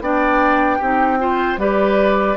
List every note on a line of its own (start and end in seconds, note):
0.00 0.79 B3
0.00 0.80 D4
0.00 0.78 D5
0.00 1.60 G5
0.78 1.57 C4
0.78 1.19 D#4
0.78 1.18 G4
1.19 1.58 F4
1.19 1.60 C5
1.57 2.36 G3
1.57 2.37 G4
1.57 2.37 B4
1.57 2.37 D5